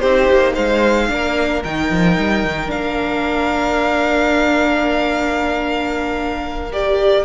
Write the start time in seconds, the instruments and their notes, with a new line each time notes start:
0.00 cello C4, viola D#4, violin G4 C5
0.31 cello A#3
0.54 cello G#3, violin C5 F5
1.09 cello A#3, viola D4, violin A#4
1.64 cello D#3, viola D#4, violin G5
1.91 cello F3
2.19 cello G3
2.45 cello D#3
2.67 cello A#3, viola D4, violin F5
6.72 viola G4, violin D5